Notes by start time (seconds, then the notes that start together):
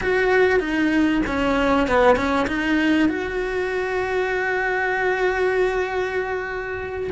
0.01 F#4
0.59 D#4
1.26 C#4
1.87 B3
2.15 C#4
2.47 D#4
3.08 F#4